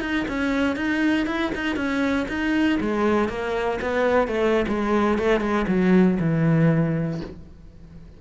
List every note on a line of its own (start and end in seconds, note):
0.00 0.25 D#4
0.28 0.76 C#4
0.76 1.26 D#4
1.26 1.51 E4
1.54 1.76 D#4
1.76 2.26 C#4
2.28 2.79 D#4
2.80 3.29 G#3
3.29 3.79 A#3
3.81 4.27 B3
4.27 4.65 A3
4.68 5.18 G#3
5.18 5.40 A3
5.40 5.65 G#3
5.67 6.18 F#3
6.20 7.21 E3